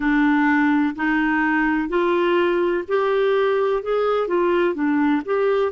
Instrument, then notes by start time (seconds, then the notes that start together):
clarinet
0.00 D4
0.95 D#4
1.88 F4
2.88 G4
3.83 G#4
4.27 F4
4.74 D4
5.25 G4